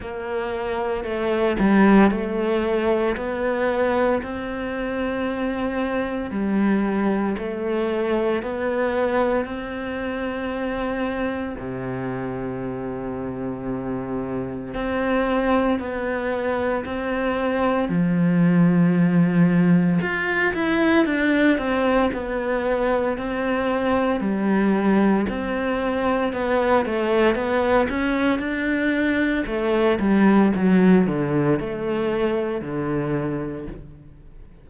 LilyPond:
\new Staff \with { instrumentName = "cello" } { \time 4/4 \tempo 4 = 57 ais4 a8 g8 a4 b4 | c'2 g4 a4 | b4 c'2 c4~ | c2 c'4 b4 |
c'4 f2 f'8 e'8 | d'8 c'8 b4 c'4 g4 | c'4 b8 a8 b8 cis'8 d'4 | a8 g8 fis8 d8 a4 d4 | }